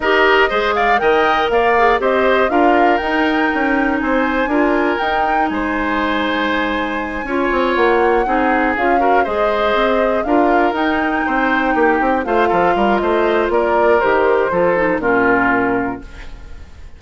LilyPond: <<
  \new Staff \with { instrumentName = "flute" } { \time 4/4 \tempo 4 = 120 dis''4. f''8 g''4 f''4 | dis''4 f''4 g''2 | gis''2 g''4 gis''4~ | gis''2.~ gis''8 fis''8~ |
fis''4. f''4 dis''4.~ | dis''8 f''4 g''2~ g''8~ | g''8 f''4. dis''4 d''4 | c''2 ais'2 | }
  \new Staff \with { instrumentName = "oboe" } { \time 4/4 ais'4 c''8 d''8 dis''4 d''4 | c''4 ais'2. | c''4 ais'2 c''4~ | c''2~ c''8 cis''4.~ |
cis''8 gis'4. ais'8 c''4.~ | c''8 ais'2 c''4 g'8~ | g'8 c''8 a'8 ais'8 c''4 ais'4~ | ais'4 a'4 f'2 | }
  \new Staff \with { instrumentName = "clarinet" } { \time 4/4 g'4 gis'4 ais'4. gis'8 | g'4 f'4 dis'2~ | dis'4 f'4 dis'2~ | dis'2~ dis'8 f'4.~ |
f'8 dis'4 f'8 fis'8 gis'4.~ | gis'8 f'4 dis'2~ dis'8~ | dis'8 f'2.~ f'8 | g'4 f'8 dis'8 cis'2 | }
  \new Staff \with { instrumentName = "bassoon" } { \time 4/4 dis'4 gis4 dis4 ais4 | c'4 d'4 dis'4 cis'4 | c'4 d'4 dis'4 gis4~ | gis2~ gis8 cis'8 c'8 ais8~ |
ais8 c'4 cis'4 gis4 c'8~ | c'8 d'4 dis'4 c'4 ais8 | c'8 a8 f8 g8 a4 ais4 | dis4 f4 ais,2 | }
>>